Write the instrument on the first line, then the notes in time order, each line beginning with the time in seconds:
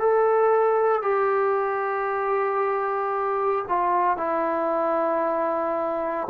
trombone
0.00 A4
1.02 G4
3.69 F4
4.17 E4